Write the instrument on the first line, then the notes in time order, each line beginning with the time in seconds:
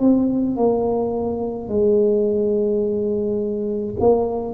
tuba
0.00 C4
0.57 A#3
1.69 G#3
4.00 A#3